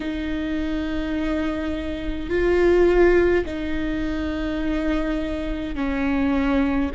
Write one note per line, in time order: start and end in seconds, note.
0.00 2.29 D#4
2.29 3.45 F4
3.45 5.75 D#4
5.75 6.90 C#4